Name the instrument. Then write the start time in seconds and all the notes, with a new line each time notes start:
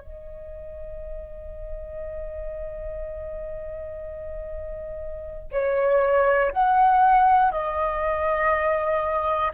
flute
0.00 D#5
5.51 C#5
6.52 F#5
7.51 D#5